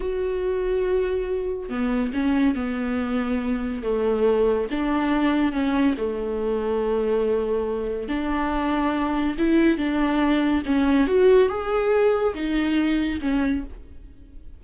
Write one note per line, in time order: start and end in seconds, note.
0.00 1.69 F#4
1.69 2.11 B3
2.13 2.55 C#4
2.55 3.82 B3
3.83 4.68 A3
4.71 5.52 D4
5.52 5.95 C#4
5.97 8.08 A3
8.08 9.36 D4
9.38 9.77 E4
9.77 10.62 D4
10.65 11.07 C#4
11.07 11.49 F#4
11.49 12.34 G#4
12.34 13.19 D#4
13.21 13.63 C#4